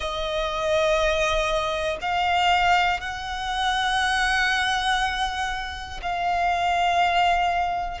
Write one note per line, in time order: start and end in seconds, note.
0.00 1.97 D#5
2.01 3.00 F5
3.00 6.00 F#5
6.02 8.00 F5